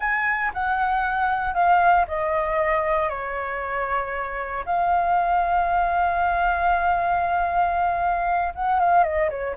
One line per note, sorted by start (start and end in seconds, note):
0.00 0.52 G#5
0.53 1.54 F#5
1.54 2.05 F5
2.07 3.09 D#5
3.09 4.64 C#5
4.65 8.53 F5
8.54 8.79 F#5
8.79 9.03 F5
9.03 9.29 D#5
9.30 9.55 C#5